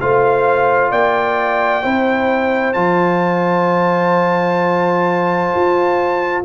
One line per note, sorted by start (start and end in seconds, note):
0.00 0.91 A3
0.00 1.82 F4
0.00 0.91 C5
0.00 0.91 F5
0.91 1.83 A#3
0.91 1.83 D5
0.91 2.73 G5
1.82 2.75 C4
1.82 2.74 E4
1.82 6.44 C5
2.73 5.52 F3
2.73 6.43 F4
2.73 6.42 A5
5.55 6.44 F4